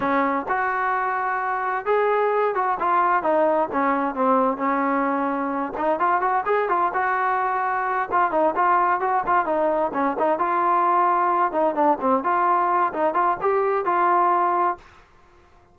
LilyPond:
\new Staff \with { instrumentName = "trombone" } { \time 4/4 \tempo 4 = 130 cis'4 fis'2. | gis'4. fis'8 f'4 dis'4 | cis'4 c'4 cis'2~ | cis'8 dis'8 f'8 fis'8 gis'8 f'8 fis'4~ |
fis'4. f'8 dis'8 f'4 fis'8 | f'8 dis'4 cis'8 dis'8 f'4.~ | f'4 dis'8 d'8 c'8 f'4. | dis'8 f'8 g'4 f'2 | }